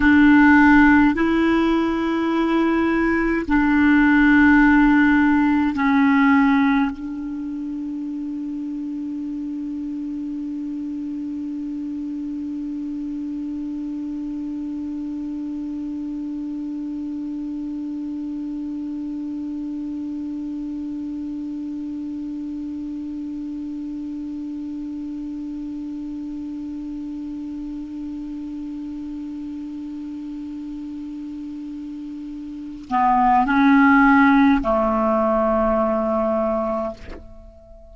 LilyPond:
\new Staff \with { instrumentName = "clarinet" } { \time 4/4 \tempo 4 = 52 d'4 e'2 d'4~ | d'4 cis'4 d'2~ | d'1~ | d'1~ |
d'1~ | d'1~ | d'1~ | d'8 b8 cis'4 a2 | }